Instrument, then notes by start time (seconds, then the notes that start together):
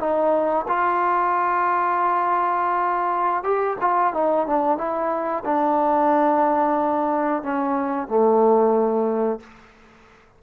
trombone
0.00 D#4
0.69 F4
3.44 G4
3.82 F4
4.14 D#4
4.47 D4
4.78 E4
5.45 D4
7.43 C#4
8.09 A3